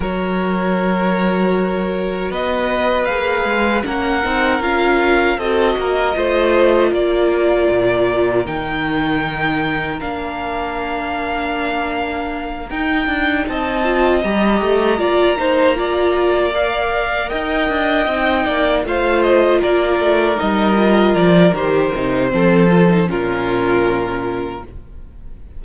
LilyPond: <<
  \new Staff \with { instrumentName = "violin" } { \time 4/4 \tempo 4 = 78 cis''2. dis''4 | f''4 fis''4 f''4 dis''4~ | dis''4 d''2 g''4~ | g''4 f''2.~ |
f''8 g''4 a''4 ais''4.~ | ais''4. f''4 g''4.~ | g''8 f''8 dis''8 d''4 dis''4 d''8 | c''2 ais'2 | }
  \new Staff \with { instrumentName = "violin" } { \time 4/4 ais'2. b'4~ | b'4 ais'2 a'8 ais'8 | c''4 ais'2.~ | ais'1~ |
ais'4. dis''2 d''8 | c''8 d''2 dis''4. | d''8 c''4 ais'2~ ais'8~ | ais'4 a'4 f'2 | }
  \new Staff \with { instrumentName = "viola" } { \time 4/4 fis'1 | gis'4 cis'8 dis'8 f'4 fis'4 | f'2. dis'4~ | dis'4 d'2.~ |
d'8 dis'4. f'8 g'4 f'8 | dis'8 f'4 ais'2 dis'8~ | dis'8 f'2 dis'8 f'4 | g'8 dis'8 c'8 f'16 dis'16 cis'2 | }
  \new Staff \with { instrumentName = "cello" } { \time 4/4 fis2. b4 | ais8 gis8 ais8 c'8 cis'4 c'8 ais8 | a4 ais4 ais,4 dis4~ | dis4 ais2.~ |
ais8 dis'8 d'8 c'4 g8 a8 ais8~ | ais2~ ais8 dis'8 d'8 c'8 | ais8 a4 ais8 a8 g4 f8 | dis8 c8 f4 ais,2 | }
>>